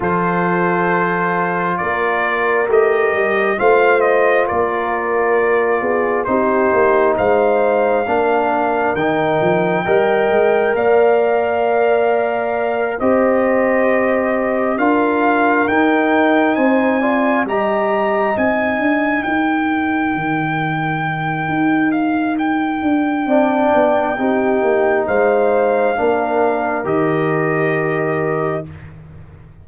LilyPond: <<
  \new Staff \with { instrumentName = "trumpet" } { \time 4/4 \tempo 4 = 67 c''2 d''4 dis''4 | f''8 dis''8 d''2 c''4 | f''2 g''2 | f''2~ f''8 dis''4.~ |
dis''8 f''4 g''4 gis''4 ais''8~ | ais''8 gis''4 g''2~ g''8~ | g''8 f''8 g''2. | f''2 dis''2 | }
  \new Staff \with { instrumentName = "horn" } { \time 4/4 a'2 ais'2 | c''4 ais'4. gis'8 g'4 | c''4 ais'2 dis''4 | d''2~ d''8 c''4.~ |
c''8 ais'2 c''8 d''8 dis''8~ | dis''4. ais'2~ ais'8~ | ais'2 d''4 g'4 | c''4 ais'2. | }
  \new Staff \with { instrumentName = "trombone" } { \time 4/4 f'2. g'4 | f'2. dis'4~ | dis'4 d'4 dis'4 ais'4~ | ais'2~ ais'8 g'4.~ |
g'8 f'4 dis'4. f'8 g'8~ | g'8 dis'2.~ dis'8~ | dis'2 d'4 dis'4~ | dis'4 d'4 g'2 | }
  \new Staff \with { instrumentName = "tuba" } { \time 4/4 f2 ais4 a8 g8 | a4 ais4. b8 c'8 ais8 | gis4 ais4 dis8 f8 g8 gis8 | ais2~ ais8 c'4.~ |
c'8 d'4 dis'4 c'4 g8~ | g8 c'8 d'8 dis'4 dis4. | dis'4. d'8 c'8 b8 c'8 ais8 | gis4 ais4 dis2 | }
>>